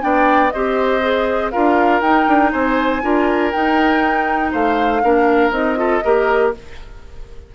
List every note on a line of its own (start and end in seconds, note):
0.00 0.53 B3
0.00 0.50 D4
0.00 0.54 D5
0.00 0.50 G5
0.50 1.55 C4
0.50 1.02 G4
0.50 1.52 C5
0.50 1.50 D#5
1.02 1.52 G#4
1.51 2.01 D4
1.51 2.02 F4
1.51 2.52 A#4
1.51 2.01 F5
2.01 2.26 D#4
2.01 3.02 D#4
2.01 2.51 G5
2.28 2.53 D4
2.52 3.03 C4
2.52 3.02 C5
2.52 3.51 G#5
3.02 3.53 D4
3.02 3.52 F4
3.02 4.51 A#4
3.51 5.03 D#4
3.51 4.54 D#4
3.51 4.51 G5
4.51 5.03 A3
4.51 5.01 C5
4.51 5.52 F5
5.03 5.51 A#3
5.03 5.51 D4
5.03 5.79 A#4
5.51 6.01 C4
5.51 5.76 D#4
5.51 6.52 D#5
5.76 6.01 F4
5.76 6.04 A4
6.04 6.55 A#3
6.04 6.54 G4
6.04 6.54 A#4